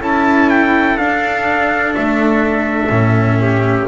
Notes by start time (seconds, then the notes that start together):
0.00 C#4 E4 A4 A5
0.49 G5
0.97 D4 F5
1.94 A3 E5
2.90 A2 C#4
3.41 G4